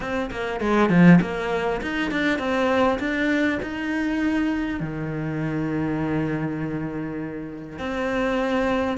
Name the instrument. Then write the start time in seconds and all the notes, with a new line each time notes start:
cello
0.00 C4
0.30 A#3
0.60 G#3
0.89 F3
1.21 A#3
1.81 D#4
2.11 D4
2.38 C4
2.99 D4
3.62 D#4
4.80 D#3
7.78 C4